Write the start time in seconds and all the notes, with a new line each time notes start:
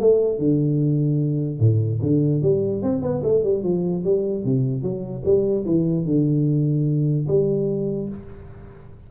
0.00 A3
0.39 D3
1.59 A2
2.02 D3
2.42 G3
2.82 C4
3.02 B3
3.23 A3
3.44 G3
3.63 F3
4.04 G3
4.44 C3
4.82 F#3
5.25 G3
5.66 E3
6.05 D3
7.28 G3